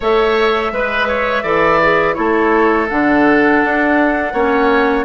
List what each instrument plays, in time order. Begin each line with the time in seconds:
0.00 bassoon A3, clarinet A4, oboe C#5, flute E5
0.72 bassoon G#3, oboe B4, clarinet B4
1.08 oboe C#5
1.42 bassoon E3, clarinet A4, oboe D5
1.82 clarinet G#4
2.14 bassoon A3, clarinet E4, oboe A4, flute C#5
2.89 bassoon D3, clarinet D4, flute F#5
3.63 bassoon D4
4.33 bassoon A#3, clarinet C#4, oboe C#5